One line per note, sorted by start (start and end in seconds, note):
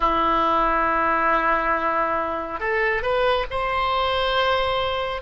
0.00 2.60 E4
2.60 3.02 A4
3.02 3.45 B4
3.50 5.21 C5